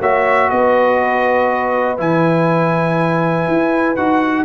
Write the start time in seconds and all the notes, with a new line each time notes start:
0.00 A#3 F#4 C#5 E5
0.50 B3 B4 D#5
1.98 E3 E4 G#5
3.48 E4
3.96 D#4 F#4 F#5